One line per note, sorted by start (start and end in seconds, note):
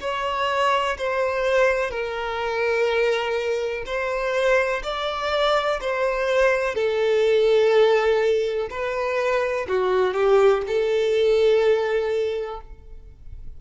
0.00 0.97 C#5
0.97 1.90 C5
1.90 3.84 A#4
3.85 4.82 C5
4.83 5.80 D5
5.81 6.74 C5
6.74 8.68 A4
8.70 9.66 B4
9.68 10.13 F#4
10.13 10.62 G4
10.67 12.60 A4